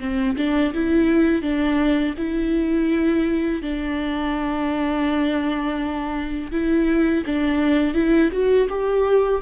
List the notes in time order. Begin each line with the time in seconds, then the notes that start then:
0.00 C4
0.37 D4
0.74 E4
1.42 D4
2.18 E4
3.62 D4
6.52 E4
7.26 D4
7.94 E4
8.32 F#4
8.69 G4